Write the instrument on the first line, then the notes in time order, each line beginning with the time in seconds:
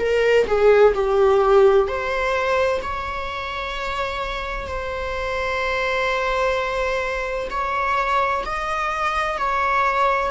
viola
0.00 A#4
0.47 G#4
0.95 G4
1.88 C5
2.83 C#5
4.67 C5
7.50 C#5
8.46 D#5
9.38 C#5